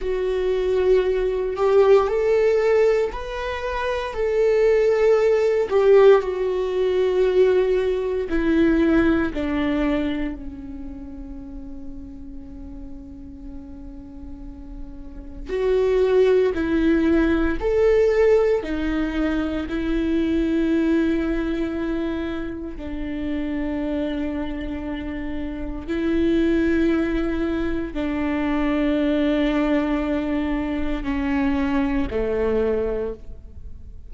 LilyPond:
\new Staff \with { instrumentName = "viola" } { \time 4/4 \tempo 4 = 58 fis'4. g'8 a'4 b'4 | a'4. g'8 fis'2 | e'4 d'4 cis'2~ | cis'2. fis'4 |
e'4 a'4 dis'4 e'4~ | e'2 d'2~ | d'4 e'2 d'4~ | d'2 cis'4 a4 | }